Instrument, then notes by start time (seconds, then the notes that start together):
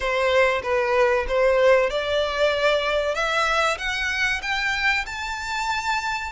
violin
0.00 C5
0.62 B4
1.28 C5
1.89 D5
3.14 E5
3.78 F#5
4.42 G5
5.06 A5